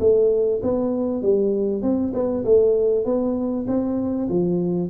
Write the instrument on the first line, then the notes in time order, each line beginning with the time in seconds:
tuba
0.00 A3
0.63 B3
1.22 G3
1.83 C4
2.14 B3
2.45 A3
3.05 B3
3.68 C4
4.29 F3